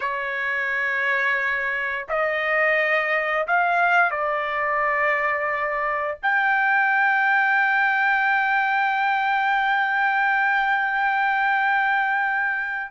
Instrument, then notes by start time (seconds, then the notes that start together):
trumpet
0.00 C#5
2.08 D#5
3.47 F5
4.10 D5
6.22 G5